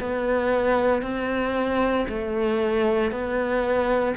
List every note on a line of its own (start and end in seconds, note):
0.00 1.03 B3
1.03 2.06 C4
2.09 3.11 A3
3.11 4.15 B3